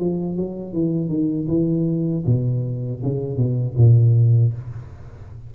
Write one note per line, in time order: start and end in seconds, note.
0.00 0.37 F3
0.37 0.74 F#3
0.74 1.09 E3
1.09 1.47 D#3
1.48 2.24 E3
2.26 3.02 B2
3.03 3.38 C#3
3.38 3.76 B2
3.78 4.54 A#2